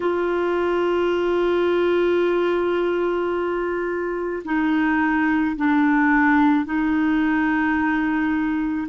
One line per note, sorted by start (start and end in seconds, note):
0.00 4.42 F4
4.44 5.56 D#4
5.56 6.65 D4
6.65 8.87 D#4